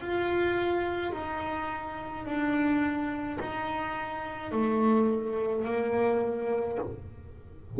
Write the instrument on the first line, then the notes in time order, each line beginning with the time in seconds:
double bass
0.00 F4
1.12 D#4
2.25 D4
3.40 D#4
4.51 A3
5.64 A#3